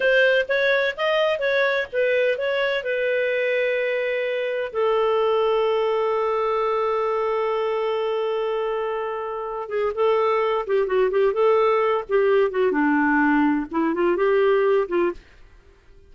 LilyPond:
\new Staff \with { instrumentName = "clarinet" } { \time 4/4 \tempo 4 = 127 c''4 cis''4 dis''4 cis''4 | b'4 cis''4 b'2~ | b'2 a'2~ | a'1~ |
a'1~ | a'8 gis'8 a'4. g'8 fis'8 g'8 | a'4. g'4 fis'8 d'4~ | d'4 e'8 f'8 g'4. f'8 | }